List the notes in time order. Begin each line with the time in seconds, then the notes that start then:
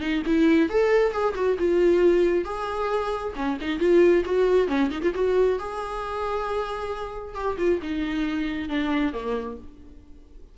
0.00 D#4
0.26 E4
0.69 A4
1.12 G#4
1.35 F#4
1.58 F4
2.44 G#4
3.35 C#4
3.61 D#4
3.79 F4
4.25 F#4
4.67 C#4
4.91 D#4
5.02 F4
5.15 F#4
5.59 G#4
7.35 G4
7.58 F4
7.82 D#4
8.69 D4
9.13 A#3